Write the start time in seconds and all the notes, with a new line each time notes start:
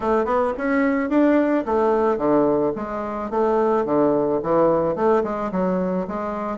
0.00 A3
0.25 B3
0.57 C#4
1.09 D4
1.65 A3
2.17 D3
2.75 G#3
3.30 A3
3.85 D3
4.42 E3
4.95 A3
5.23 G#3
5.51 F#3
6.07 G#3